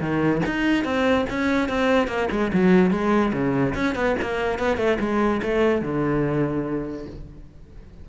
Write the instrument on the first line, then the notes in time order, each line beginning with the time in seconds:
cello
0.00 D#3
0.45 D#4
0.84 C4
1.29 C#4
1.68 C4
2.07 A#3
2.31 G#3
2.53 F#3
2.91 G#3
3.33 C#3
3.75 C#4
3.95 B3
4.22 A#3
4.59 B3
4.77 A3
4.99 G#3
5.42 A3
5.81 D3